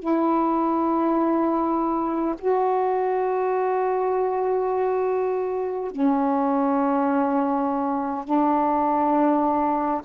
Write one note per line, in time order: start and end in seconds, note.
0.00 2.35 E4
2.39 5.91 F#4
5.91 8.25 C#4
8.25 10.02 D4